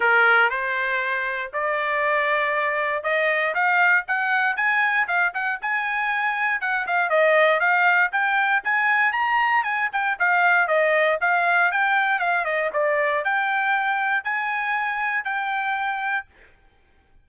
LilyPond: \new Staff \with { instrumentName = "trumpet" } { \time 4/4 \tempo 4 = 118 ais'4 c''2 d''4~ | d''2 dis''4 f''4 | fis''4 gis''4 f''8 fis''8 gis''4~ | gis''4 fis''8 f''8 dis''4 f''4 |
g''4 gis''4 ais''4 gis''8 g''8 | f''4 dis''4 f''4 g''4 | f''8 dis''8 d''4 g''2 | gis''2 g''2 | }